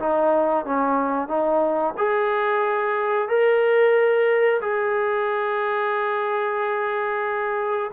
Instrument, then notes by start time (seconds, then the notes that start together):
trombone
0.00 D#4
0.66 C#4
1.29 D#4
1.98 G#4
3.29 A#4
4.62 G#4